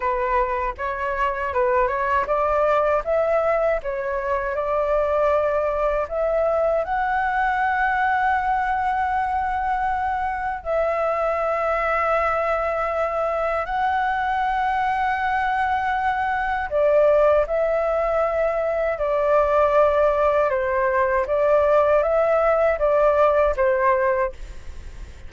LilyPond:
\new Staff \with { instrumentName = "flute" } { \time 4/4 \tempo 4 = 79 b'4 cis''4 b'8 cis''8 d''4 | e''4 cis''4 d''2 | e''4 fis''2.~ | fis''2 e''2~ |
e''2 fis''2~ | fis''2 d''4 e''4~ | e''4 d''2 c''4 | d''4 e''4 d''4 c''4 | }